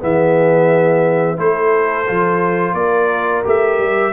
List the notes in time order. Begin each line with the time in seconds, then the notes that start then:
0.00 E3 B3 G#4 E5
1.37 A3 E4 A4 C5
2.07 F3 F4
2.73 A#3 A#4 D5
3.44 A3 G4 E5
3.78 G3